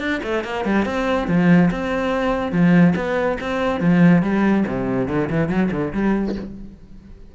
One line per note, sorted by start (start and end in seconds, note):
0.00 0.21 D4
0.24 0.45 A3
0.45 0.65 A#3
0.65 0.86 G3
0.86 1.28 C4
1.28 1.70 F3
1.71 2.52 C4
2.52 2.95 F3
2.96 3.38 B3
3.41 3.81 C4
3.81 4.23 F3
4.23 4.65 G3
4.67 5.08 C3
5.08 5.30 D3
5.30 5.49 E3
5.49 5.70 F#3
5.72 5.93 D3
5.93 6.36 G3